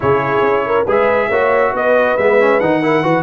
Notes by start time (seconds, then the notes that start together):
0.00 C#3 E4 G#4 C#5
0.40 C#4
0.66 A#4
0.84 G#3 G#4 B4
0.91 E5
1.29 A#3 F#4 C#5
1.73 B3 B4 D#5
2.17 G#3 B3 E5
2.39 C#4
2.60 D#3 D#4 F#5
2.82 E4 A#4
3.02 E3 F#4 B4